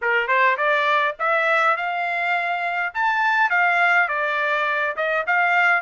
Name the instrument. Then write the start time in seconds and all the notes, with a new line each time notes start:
trumpet
0.01 A#4
0.27 C5
0.57 D5
1.19 E5
1.76 F5
2.93 A5
3.50 F5
4.08 D5
4.96 D#5
5.26 F5